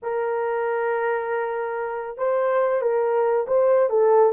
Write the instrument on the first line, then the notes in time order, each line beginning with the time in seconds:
horn
0.02 A#4
2.17 C5
2.81 A#4
3.47 C5
3.89 A4